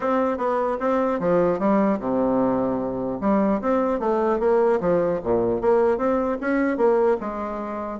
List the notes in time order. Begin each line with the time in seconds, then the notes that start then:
0.00 C4
0.37 B3
0.79 C4
1.19 F3
1.59 G3
1.99 C3
3.20 G3
3.61 C4
3.99 A3
4.39 A#3
4.80 F3
5.23 A#2
5.61 A#3
5.97 C4
6.40 C#4
6.77 A#3
7.20 G#3